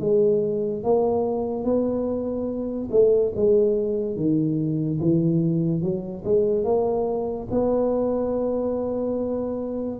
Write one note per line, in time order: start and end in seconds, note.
0.00 0.83 G#3
0.83 1.64 A#3
1.64 2.89 B3
2.91 3.33 A3
3.35 4.16 G#3
4.16 4.99 D#3
5.00 5.82 E3
5.82 6.23 F#3
6.25 6.64 G#3
6.64 7.48 A#3
7.51 10.00 B3